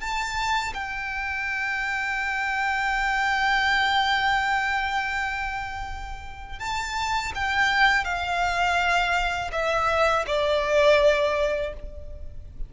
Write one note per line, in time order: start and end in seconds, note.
0.00 0.73 A5
0.74 6.59 G5
6.59 7.32 A5
7.35 8.04 G5
8.04 9.51 F5
9.52 10.25 E5
10.27 11.73 D5